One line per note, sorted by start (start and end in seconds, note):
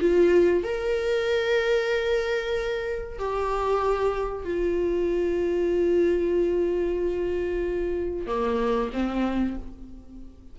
0.00 0.63 F4
0.63 3.18 A#4
3.18 4.44 G4
4.44 8.26 F4
8.26 8.90 A#3
8.93 9.57 C4